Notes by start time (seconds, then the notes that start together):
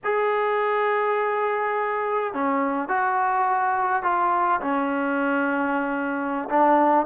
0.04 G#4
2.33 C#4
2.88 F#4
4.02 F4
4.61 C#4
6.49 D4